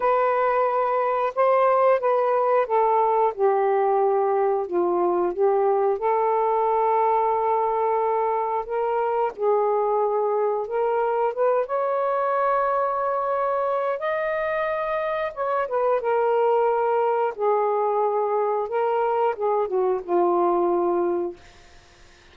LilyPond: \new Staff \with { instrumentName = "saxophone" } { \time 4/4 \tempo 4 = 90 b'2 c''4 b'4 | a'4 g'2 f'4 | g'4 a'2.~ | a'4 ais'4 gis'2 |
ais'4 b'8 cis''2~ cis''8~ | cis''4 dis''2 cis''8 b'8 | ais'2 gis'2 | ais'4 gis'8 fis'8 f'2 | }